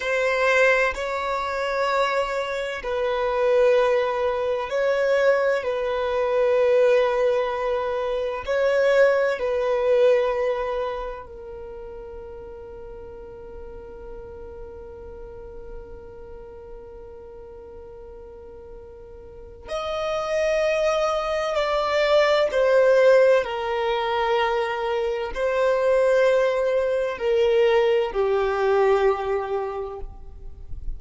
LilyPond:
\new Staff \with { instrumentName = "violin" } { \time 4/4 \tempo 4 = 64 c''4 cis''2 b'4~ | b'4 cis''4 b'2~ | b'4 cis''4 b'2 | ais'1~ |
ais'1~ | ais'4 dis''2 d''4 | c''4 ais'2 c''4~ | c''4 ais'4 g'2 | }